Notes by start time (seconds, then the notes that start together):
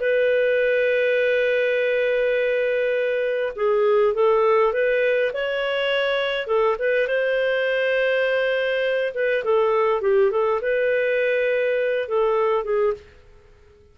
0.00 B4
3.56 G#4
4.14 A4
4.73 B4
5.33 C#5
6.47 A4
6.79 B4
7.07 C5
9.14 B4
9.44 A4
10.02 G4
10.31 A4
10.61 B4
12.08 A4
12.64 G#4